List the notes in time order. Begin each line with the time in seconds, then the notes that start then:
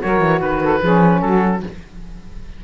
0.00 F#3 F#4 A#4 C#5
0.20 E3
0.40 D#3 B4
0.63 A4
0.81 F3 C#4 G#4
1.21 F#3 F#4 A4